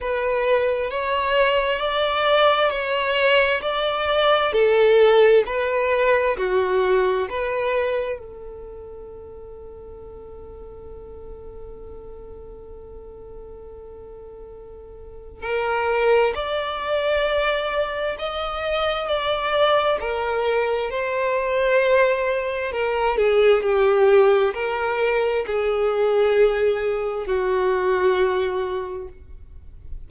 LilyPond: \new Staff \with { instrumentName = "violin" } { \time 4/4 \tempo 4 = 66 b'4 cis''4 d''4 cis''4 | d''4 a'4 b'4 fis'4 | b'4 a'2.~ | a'1~ |
a'4 ais'4 d''2 | dis''4 d''4 ais'4 c''4~ | c''4 ais'8 gis'8 g'4 ais'4 | gis'2 fis'2 | }